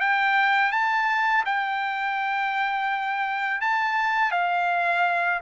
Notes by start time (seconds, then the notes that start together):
0.00 G5
0.72 A5
1.45 G5
3.61 A5
4.31 F5